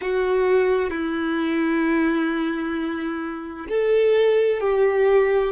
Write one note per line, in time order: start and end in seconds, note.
0.01 0.90 F#4
0.90 3.67 E4
3.68 4.60 A4
4.60 5.52 G4